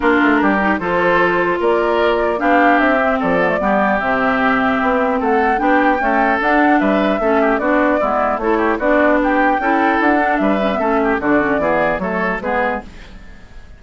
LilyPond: <<
  \new Staff \with { instrumentName = "flute" } { \time 4/4 \tempo 4 = 150 ais'2 c''2 | d''2 f''4 e''4 | d''2 e''2~ | e''4 fis''4 g''2 |
fis''4 e''2 d''4~ | d''4 cis''4 d''4 g''4~ | g''4 fis''4 e''2 | d''2 cis''4 b'4 | }
  \new Staff \with { instrumentName = "oboe" } { \time 4/4 f'4 g'4 a'2 | ais'2 g'2 | a'4 g'2.~ | g'4 a'4 g'4 a'4~ |
a'4 b'4 a'8 g'8 fis'4 | e'4 a'8 g'8 fis'4 g'4 | a'2 b'4 a'8 g'8 | fis'4 gis'4 a'4 gis'4 | }
  \new Staff \with { instrumentName = "clarinet" } { \time 4/4 d'4. dis'8 f'2~ | f'2 d'4. c'8~ | c'8 b16 a16 b4 c'2~ | c'2 d'4 a4 |
d'2 cis'4 d'4 | b4 e'4 d'2 | e'4. d'4 cis'16 b16 cis'4 | d'8 cis'8 b4 a4 b4 | }
  \new Staff \with { instrumentName = "bassoon" } { \time 4/4 ais8 a8 g4 f2 | ais2 b4 c'4 | f4 g4 c2 | b4 a4 b4 cis'4 |
d'4 g4 a4 b4 | gis4 a4 b2 | cis'4 d'4 g4 a4 | d4 e4 fis4 gis4 | }
>>